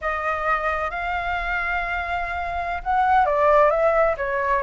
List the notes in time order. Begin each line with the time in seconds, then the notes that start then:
0.01 D#5
0.90 F5
2.83 F#5
3.25 D5
3.70 E5
4.17 C#5